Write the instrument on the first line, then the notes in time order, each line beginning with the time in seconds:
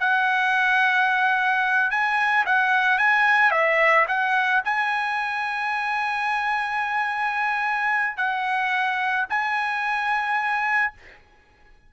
trumpet
0.00 F#5
1.91 G#5
2.46 F#5
2.98 G#5
3.51 E5
4.08 F#5
4.65 G#5
8.17 F#5
9.30 G#5